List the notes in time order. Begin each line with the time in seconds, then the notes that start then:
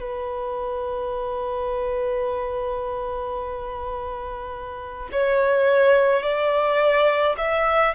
0.00 B4
5.12 C#5
6.22 D5
7.37 E5